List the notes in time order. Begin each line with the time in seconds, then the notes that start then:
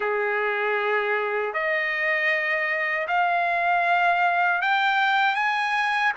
0.00 G#4
1.53 D#5
3.07 F5
4.61 G5
5.35 G#5